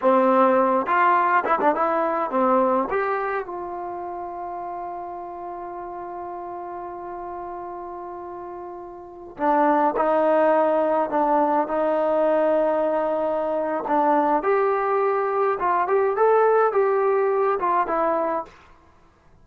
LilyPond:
\new Staff \with { instrumentName = "trombone" } { \time 4/4 \tempo 4 = 104 c'4. f'4 e'16 d'16 e'4 | c'4 g'4 f'2~ | f'1~ | f'1~ |
f'16 d'4 dis'2 d'8.~ | d'16 dis'2.~ dis'8. | d'4 g'2 f'8 g'8 | a'4 g'4. f'8 e'4 | }